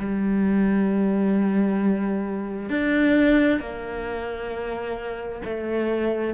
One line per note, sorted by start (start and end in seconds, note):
0.00 2.70 G3
2.70 3.60 D4
3.60 5.42 A#3
5.45 6.35 A3